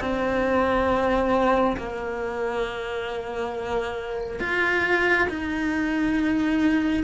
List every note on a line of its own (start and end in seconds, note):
0.00 1.76 C4
1.77 4.40 A#3
4.40 5.28 F4
5.29 7.03 D#4